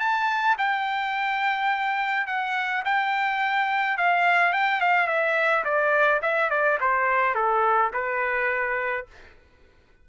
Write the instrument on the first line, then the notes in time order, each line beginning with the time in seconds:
trumpet
0.00 A5
0.58 G5
2.27 F#5
2.85 G5
3.98 F5
4.53 G5
4.81 F5
5.08 E5
5.65 D5
6.22 E5
6.51 D5
6.81 C5
7.35 A4
7.94 B4